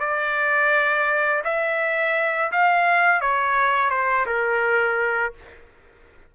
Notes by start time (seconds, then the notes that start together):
0.00 D5
1.44 E5
2.52 F5
3.21 C#5
3.90 C5
4.26 A#4